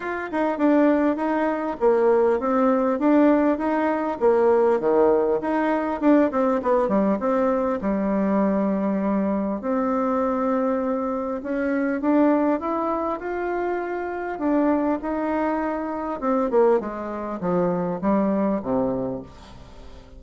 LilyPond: \new Staff \with { instrumentName = "bassoon" } { \time 4/4 \tempo 4 = 100 f'8 dis'8 d'4 dis'4 ais4 | c'4 d'4 dis'4 ais4 | dis4 dis'4 d'8 c'8 b8 g8 | c'4 g2. |
c'2. cis'4 | d'4 e'4 f'2 | d'4 dis'2 c'8 ais8 | gis4 f4 g4 c4 | }